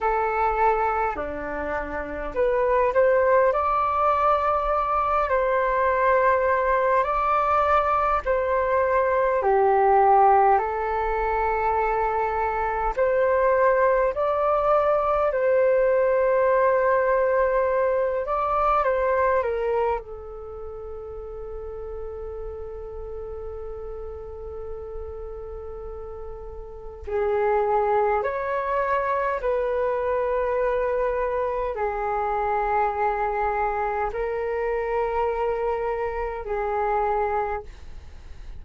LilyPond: \new Staff \with { instrumentName = "flute" } { \time 4/4 \tempo 4 = 51 a'4 d'4 b'8 c''8 d''4~ | d''8 c''4. d''4 c''4 | g'4 a'2 c''4 | d''4 c''2~ c''8 d''8 |
c''8 ais'8 a'2.~ | a'2. gis'4 | cis''4 b'2 gis'4~ | gis'4 ais'2 gis'4 | }